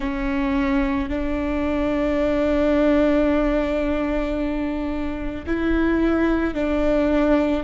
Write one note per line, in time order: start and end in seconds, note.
0.00 1.09 C#4
1.09 5.45 D4
5.46 6.54 E4
6.54 7.63 D4